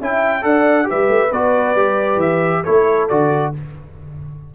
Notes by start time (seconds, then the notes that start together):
0.00 C#4 E4 E5 G5
0.41 D4 A4 D5 F#5
0.84 G4 B4 E5
0.91 G3
1.08 A3
1.31 B3 F#4 D5
1.75 G3 G4
2.16 E3 E5
2.63 A3 E4 A4 C#5
3.08 D3 F#4 D5